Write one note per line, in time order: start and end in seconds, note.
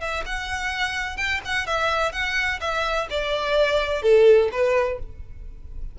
0.00 0.24 E5
0.25 1.17 F#5
1.17 1.40 G5
1.45 1.66 F#5
1.66 2.12 E5
2.12 2.59 F#5
2.60 3.08 E5
3.10 4.02 D5
4.02 4.49 A4
4.52 4.99 B4